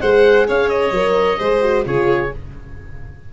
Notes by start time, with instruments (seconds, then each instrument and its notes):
0.00 tuba G#3, horn G#4, violin C5, oboe F#5
0.48 tuba C#4, violin C#5, oboe F5
0.69 oboe D#5
0.91 tuba F#3, horn A#4
1.39 tuba G#3, horn G#4, violin C5
1.62 horn F#4
1.85 tuba C#3, horn F4, violin G#4, oboe C#5